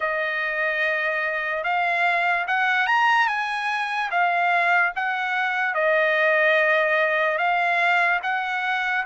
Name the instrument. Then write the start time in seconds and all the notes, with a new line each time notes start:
trumpet
0.00 D#5
1.63 F5
2.47 F#5
2.87 A#5
3.27 G#5
4.10 F5
4.95 F#5
5.74 D#5
7.37 F5
8.22 F#5